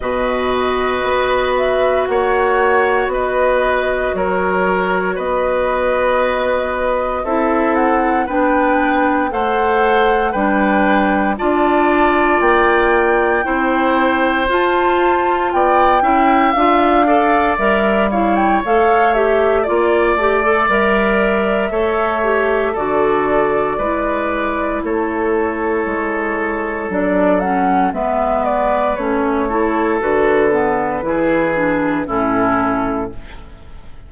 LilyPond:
<<
  \new Staff \with { instrumentName = "flute" } { \time 4/4 \tempo 4 = 58 dis''4. e''8 fis''4 dis''4 | cis''4 dis''2 e''8 fis''8 | g''4 fis''4 g''4 a''4 | g''2 a''4 g''4 |
f''4 e''8 f''16 g''16 f''8 e''8 d''4 | e''2 d''2 | cis''2 d''8 fis''8 e''8 d''8 | cis''4 b'2 a'4 | }
  \new Staff \with { instrumentName = "oboe" } { \time 4/4 b'2 cis''4 b'4 | ais'4 b'2 a'4 | b'4 c''4 b'4 d''4~ | d''4 c''2 d''8 e''8~ |
e''8 d''4 cis''4. d''4~ | d''4 cis''4 a'4 b'4 | a'2. b'4~ | b'8 a'4. gis'4 e'4 | }
  \new Staff \with { instrumentName = "clarinet" } { \time 4/4 fis'1~ | fis'2. e'4 | d'4 a'4 d'4 f'4~ | f'4 e'4 f'4. e'8 |
f'8 a'8 ais'8 e'8 a'8 g'8 f'8 g'16 a'16 | ais'4 a'8 g'8 fis'4 e'4~ | e'2 d'8 cis'8 b4 | cis'8 e'8 fis'8 b8 e'8 d'8 cis'4 | }
  \new Staff \with { instrumentName = "bassoon" } { \time 4/4 b,4 b4 ais4 b4 | fis4 b2 c'4 | b4 a4 g4 d'4 | ais4 c'4 f'4 b8 cis'8 |
d'4 g4 a4 ais8 a8 | g4 a4 d4 gis4 | a4 gis4 fis4 gis4 | a4 d4 e4 a,4 | }
>>